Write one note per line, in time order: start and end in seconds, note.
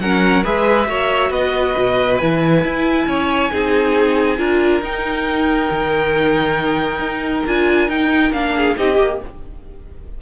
0.00 0.44 F#3
0.00 0.44 C#4
0.00 0.44 A#4
0.00 0.44 F#5
0.44 0.89 G#3
0.44 0.88 G#4
0.44 0.88 B4
0.44 1.33 E5
0.88 1.30 A#3
0.88 2.19 F#4
0.88 1.31 C#5
1.30 1.74 B3
1.30 3.06 B4
1.30 2.18 D#5
1.78 2.22 B2
2.18 2.64 E3
2.18 3.51 E4
2.18 4.81 G#5
2.64 3.07 E4
3.07 3.51 C#4
3.07 3.52 C#5
3.51 4.39 C4
3.51 4.38 D#4
3.51 4.39 G#4
4.38 4.82 D4
4.38 4.82 F4
4.38 8.55 A#4
4.82 5.69 D#4
4.82 7.47 D#4
4.82 7.47 G5
5.71 7.00 D#3
7.00 7.43 D#4
7.47 7.89 D4
7.47 7.89 F4
7.47 7.90 G#5
7.89 8.32 D#4
7.89 8.33 D#4
7.89 8.33 G5
8.32 8.76 A#3
8.32 8.78 D4
8.32 8.77 F5
8.57 8.78 G#4
8.78 8.99 C4
8.78 8.95 D#4
8.78 9.22 G4
8.78 9.22 D#5
8.95 9.21 A#3
8.95 9.17 G4